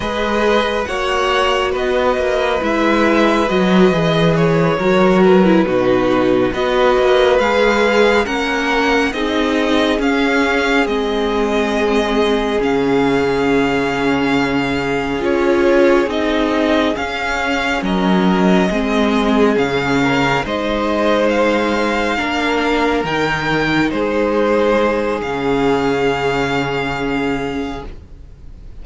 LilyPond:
<<
  \new Staff \with { instrumentName = "violin" } { \time 4/4 \tempo 4 = 69 dis''4 fis''4 dis''4 e''4 | dis''4 cis''4 b'4. dis''8~ | dis''8 f''4 fis''4 dis''4 f''8~ | f''8 dis''2 f''4.~ |
f''4. cis''4 dis''4 f''8~ | f''8 dis''2 f''4 dis''8~ | dis''8 f''2 g''4 c''8~ | c''4 f''2. | }
  \new Staff \with { instrumentName = "violin" } { \time 4/4 b'4 cis''4 b'2~ | b'4. ais'4 fis'4 b'8~ | b'4. ais'4 gis'4.~ | gis'1~ |
gis'1~ | gis'8 ais'4 gis'4. ais'8 c''8~ | c''4. ais'2 gis'8~ | gis'1 | }
  \new Staff \with { instrumentName = "viola" } { \time 4/4 gis'4 fis'2 e'4 | fis'8 gis'4 fis'8. e'16 dis'4 fis'8~ | fis'8 gis'4 cis'4 dis'4 cis'8~ | cis'8 c'2 cis'4.~ |
cis'4. f'4 dis'4 cis'8~ | cis'4. c'4 cis'4 dis'8~ | dis'4. d'4 dis'4.~ | dis'4 cis'2. | }
  \new Staff \with { instrumentName = "cello" } { \time 4/4 gis4 ais4 b8 ais8 gis4 | fis8 e4 fis4 b,4 b8 | ais8 gis4 ais4 c'4 cis'8~ | cis'8 gis2 cis4.~ |
cis4. cis'4 c'4 cis'8~ | cis'8 fis4 gis4 cis4 gis8~ | gis4. ais4 dis4 gis8~ | gis4 cis2. | }
>>